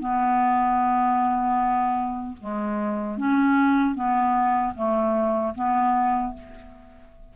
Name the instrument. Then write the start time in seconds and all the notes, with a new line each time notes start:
clarinet
0.00 B3
2.40 G#3
3.18 C#4
3.95 B3
4.75 A3
5.55 B3